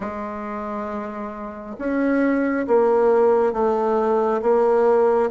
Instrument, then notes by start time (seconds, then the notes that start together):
bassoon
0.00 G#3
1.78 C#4
2.67 A#3
3.53 A3
4.42 A#3